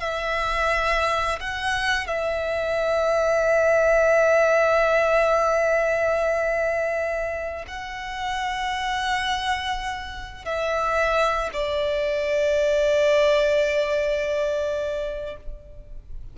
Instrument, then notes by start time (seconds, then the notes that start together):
violin
0.00 E5
1.40 F#5
2.07 E5
7.68 F#5
10.45 E5
11.53 D5